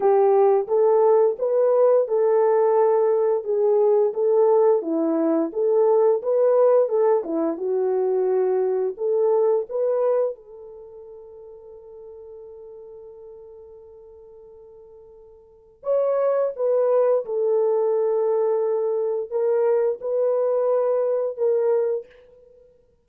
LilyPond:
\new Staff \with { instrumentName = "horn" } { \time 4/4 \tempo 4 = 87 g'4 a'4 b'4 a'4~ | a'4 gis'4 a'4 e'4 | a'4 b'4 a'8 e'8 fis'4~ | fis'4 a'4 b'4 a'4~ |
a'1~ | a'2. cis''4 | b'4 a'2. | ais'4 b'2 ais'4 | }